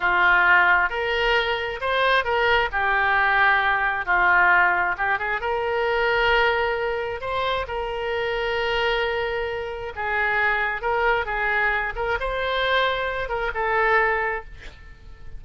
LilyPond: \new Staff \with { instrumentName = "oboe" } { \time 4/4 \tempo 4 = 133 f'2 ais'2 | c''4 ais'4 g'2~ | g'4 f'2 g'8 gis'8 | ais'1 |
c''4 ais'2.~ | ais'2 gis'2 | ais'4 gis'4. ais'8 c''4~ | c''4. ais'8 a'2 | }